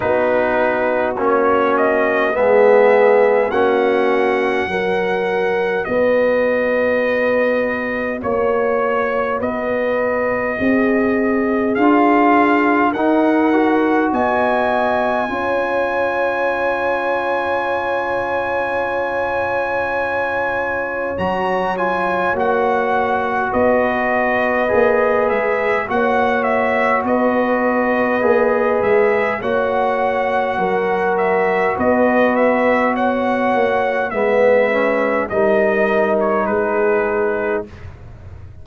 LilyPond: <<
  \new Staff \with { instrumentName = "trumpet" } { \time 4/4 \tempo 4 = 51 b'4 cis''8 dis''8 e''4 fis''4~ | fis''4 dis''2 cis''4 | dis''2 f''4 fis''4 | gis''1~ |
gis''2 ais''8 gis''8 fis''4 | dis''4. e''8 fis''8 e''8 dis''4~ | dis''8 e''8 fis''4. e''8 dis''8 e''8 | fis''4 e''4 dis''8. cis''16 b'4 | }
  \new Staff \with { instrumentName = "horn" } { \time 4/4 fis'2 gis'4 fis'4 | ais'4 b'2 cis''4 | b'4 gis'2 ais'4 | dis''4 cis''2.~ |
cis''1 | b'2 cis''4 b'4~ | b'4 cis''4 ais'4 b'4 | cis''4 b'4 ais'4 gis'4 | }
  \new Staff \with { instrumentName = "trombone" } { \time 4/4 dis'4 cis'4 b4 cis'4 | fis'1~ | fis'2 f'4 dis'8 fis'8~ | fis'4 f'2.~ |
f'2 fis'8 f'8 fis'4~ | fis'4 gis'4 fis'2 | gis'4 fis'2.~ | fis'4 b8 cis'8 dis'2 | }
  \new Staff \with { instrumentName = "tuba" } { \time 4/4 b4 ais4 gis4 ais4 | fis4 b2 ais4 | b4 c'4 d'4 dis'4 | b4 cis'2.~ |
cis'2 fis4 ais4 | b4 ais8 gis8 ais4 b4 | ais8 gis8 ais4 fis4 b4~ | b8 ais8 gis4 g4 gis4 | }
>>